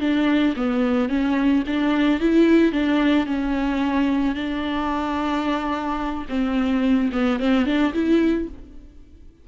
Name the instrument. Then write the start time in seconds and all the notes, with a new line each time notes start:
viola
0.00 D4
0.56 B3
1.09 C#4
1.67 D4
2.20 E4
2.72 D4
3.26 C#4
4.35 D4
6.29 C4
7.12 B3
7.39 C4
7.65 D4
7.93 E4